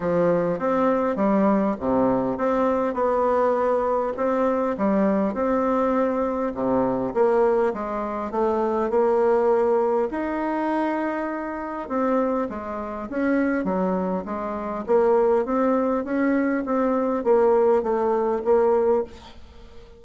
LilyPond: \new Staff \with { instrumentName = "bassoon" } { \time 4/4 \tempo 4 = 101 f4 c'4 g4 c4 | c'4 b2 c'4 | g4 c'2 c4 | ais4 gis4 a4 ais4~ |
ais4 dis'2. | c'4 gis4 cis'4 fis4 | gis4 ais4 c'4 cis'4 | c'4 ais4 a4 ais4 | }